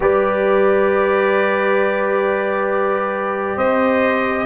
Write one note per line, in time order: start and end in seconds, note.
0.00 3.57 G3
0.00 4.46 G4
0.00 3.56 B4
0.00 3.57 D5
3.56 4.46 C4
3.56 4.46 C5
3.56 4.46 D#5